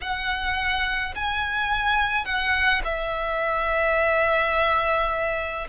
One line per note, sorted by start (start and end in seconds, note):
0.01 1.14 F#5
1.15 2.25 G#5
2.25 2.81 F#5
2.84 5.67 E5